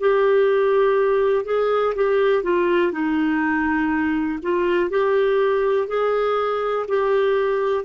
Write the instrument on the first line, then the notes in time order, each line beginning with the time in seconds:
clarinet
0.00 G4
1.45 G#4
1.95 G4
2.43 F4
2.92 D#4
4.43 F4
4.90 G4
5.87 G#4
6.88 G4